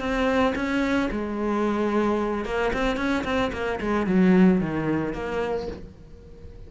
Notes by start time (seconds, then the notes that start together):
0.00 C4
0.56 C#4
1.12 G#3
2.45 A#3
2.74 C4
2.97 C#4
3.25 C4
3.53 A#3
3.81 G#3
4.07 F#3
4.61 D#3
5.14 A#3